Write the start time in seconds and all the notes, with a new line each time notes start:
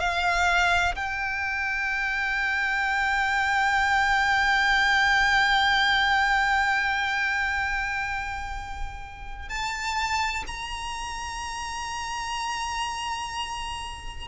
0.00 F5
0.96 G5
9.49 A5
10.47 A#5